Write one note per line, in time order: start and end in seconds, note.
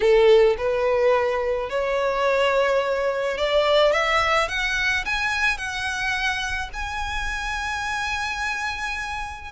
0.00 0.56 A4
0.57 1.69 B4
1.69 3.37 C#5
3.37 3.92 D5
3.92 4.48 E5
4.48 5.04 F#5
5.05 5.57 G#5
5.57 6.69 F#5
6.73 9.52 G#5